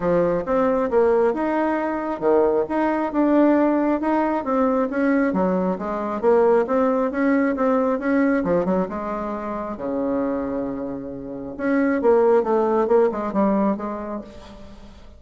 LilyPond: \new Staff \with { instrumentName = "bassoon" } { \time 4/4 \tempo 4 = 135 f4 c'4 ais4 dis'4~ | dis'4 dis4 dis'4 d'4~ | d'4 dis'4 c'4 cis'4 | fis4 gis4 ais4 c'4 |
cis'4 c'4 cis'4 f8 fis8 | gis2 cis2~ | cis2 cis'4 ais4 | a4 ais8 gis8 g4 gis4 | }